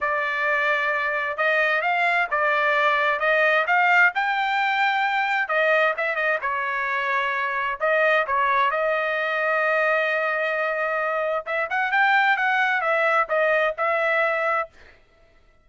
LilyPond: \new Staff \with { instrumentName = "trumpet" } { \time 4/4 \tempo 4 = 131 d''2. dis''4 | f''4 d''2 dis''4 | f''4 g''2. | dis''4 e''8 dis''8 cis''2~ |
cis''4 dis''4 cis''4 dis''4~ | dis''1~ | dis''4 e''8 fis''8 g''4 fis''4 | e''4 dis''4 e''2 | }